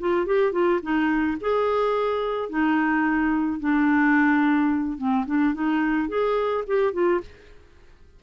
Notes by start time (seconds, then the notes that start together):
0.00 F4
0.27 G4
0.52 F4
0.82 D#4
1.41 G#4
2.49 D#4
3.60 D4
4.98 C4
5.26 D4
5.54 D#4
6.09 G#4
6.67 G4
6.93 F4